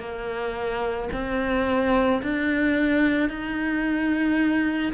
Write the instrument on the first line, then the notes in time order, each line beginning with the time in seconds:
cello
0.00 A#3
1.13 C4
2.22 D4
3.29 D#4